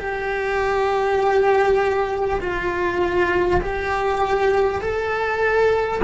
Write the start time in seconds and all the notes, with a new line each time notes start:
0.00 G4
2.41 F4
3.62 G4
4.81 A4